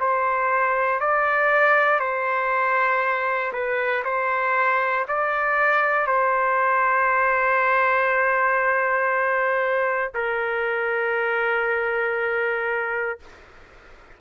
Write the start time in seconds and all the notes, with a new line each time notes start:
0.00 C5
1.00 D5
2.00 C5
3.53 B4
4.04 C5
5.08 D5
6.07 C5
10.14 A#4